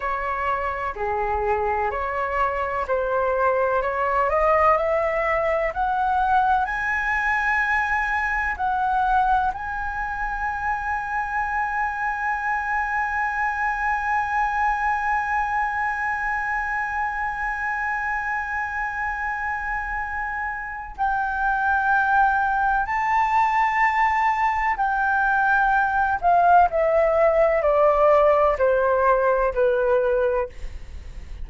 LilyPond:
\new Staff \with { instrumentName = "flute" } { \time 4/4 \tempo 4 = 63 cis''4 gis'4 cis''4 c''4 | cis''8 dis''8 e''4 fis''4 gis''4~ | gis''4 fis''4 gis''2~ | gis''1~ |
gis''1~ | gis''2 g''2 | a''2 g''4. f''8 | e''4 d''4 c''4 b'4 | }